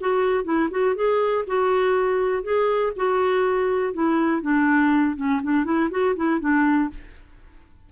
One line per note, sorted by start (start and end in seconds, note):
0.00 0.44 F#4
0.44 0.69 E4
0.70 0.95 F#4
0.95 1.45 G#4
1.47 2.43 F#4
2.43 2.93 G#4
2.96 3.93 F#4
3.93 4.42 E4
4.42 5.16 D4
5.16 5.41 C#4
5.43 5.64 D4
5.64 5.89 E4
5.91 6.15 F#4
6.16 6.40 E4
6.40 6.89 D4